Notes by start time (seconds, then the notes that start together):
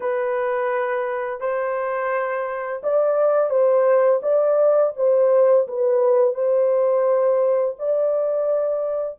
0.00 B4
1.40 C5
2.83 D5
3.49 C5
4.22 D5
4.96 C5
5.67 B4
6.34 C5
7.78 D5